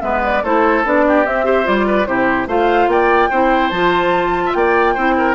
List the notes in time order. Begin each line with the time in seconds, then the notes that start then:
0.00 G#3 B3 B4 E5
0.24 D5
0.43 A3 E4 A4 C5
0.84 B3 D4 D5
1.07 G4
1.24 C4 E5
1.44 G4 C5
1.64 G3 F4 D5
1.86 B4
2.06 C3 E4 G4 C5
2.47 A3 F4 C5 F5
2.87 A#3 D5 G5
3.29 C4 E4 C5
3.69 F3 F4 A5
4.45 E5
4.53 A#3 D5 G5
4.94 C4 E4 C5
5.17 A#4